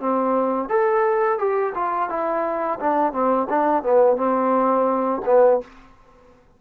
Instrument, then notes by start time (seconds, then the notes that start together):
trombone
0.00 C4
0.69 A4
1.39 G4
1.75 F4
2.09 E4
2.80 D4
3.13 C4
3.50 D4
3.83 B3
4.17 C4
5.26 B3